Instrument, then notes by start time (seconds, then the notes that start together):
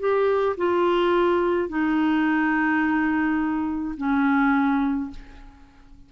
clarinet
0.00 G4
0.58 F4
1.69 D#4
3.98 C#4